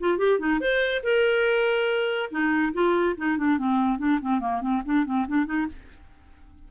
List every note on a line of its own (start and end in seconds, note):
0.00 0.18 F4
0.18 0.39 G4
0.39 0.60 D#4
0.60 1.03 C5
1.03 2.30 A#4
2.31 2.73 D#4
2.73 3.16 F4
3.17 3.38 D#4
3.38 3.58 D4
3.58 3.99 C4
3.99 4.20 D4
4.21 4.40 C4
4.40 4.61 A#3
4.61 4.82 C4
4.85 5.05 D4
5.05 5.26 C4
5.27 5.46 D4
5.46 5.67 D#4